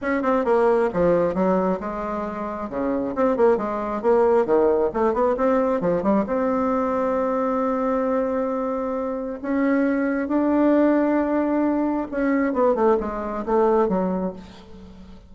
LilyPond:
\new Staff \with { instrumentName = "bassoon" } { \time 4/4 \tempo 4 = 134 cis'8 c'8 ais4 f4 fis4 | gis2 cis4 c'8 ais8 | gis4 ais4 dis4 a8 b8 | c'4 f8 g8 c'2~ |
c'1~ | c'4 cis'2 d'4~ | d'2. cis'4 | b8 a8 gis4 a4 fis4 | }